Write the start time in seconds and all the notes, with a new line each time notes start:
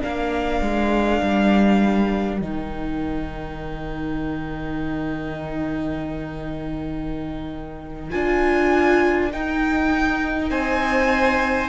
0.00 A#3 D4 A#4 F5
0.61 G#3
1.22 G3
2.39 D#3 D#4 G5
8.10 D4 F4 G#5
9.31 D#4 G5
10.50 C4 C5 G#5